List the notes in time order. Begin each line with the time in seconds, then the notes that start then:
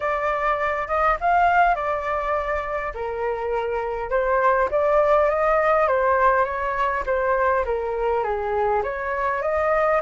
0.00 D5
0.87 D#5
1.20 F5
1.75 D5
2.94 A#4
4.09 C5
4.70 D5
5.29 D#5
5.87 C5
6.44 C#5
7.06 C5
7.65 A#4
8.23 G#4
8.83 C#5
9.42 D#5